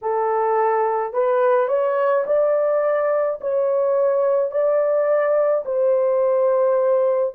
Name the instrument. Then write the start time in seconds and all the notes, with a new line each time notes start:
horn
0.01 A4
1.13 B4
1.67 C#5
2.26 D5
3.41 C#5
4.51 D5
5.65 C5